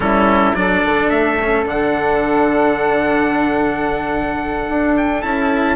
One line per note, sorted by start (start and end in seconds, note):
0.00 0.53 G3
0.00 0.53 C#4
0.00 0.57 E4
0.00 0.54 A4
0.54 0.82 F#3
0.54 1.37 D4
0.54 5.76 A4
0.54 1.09 D5
0.85 1.10 D3
1.09 1.63 A3
1.09 1.64 E5
1.41 1.65 C#4
1.63 4.66 D3
1.63 5.21 D4
1.63 4.97 F#5
4.69 5.23 D4
4.97 5.22 G5
5.21 5.76 C#4
5.21 5.76 E4
5.21 5.76 A5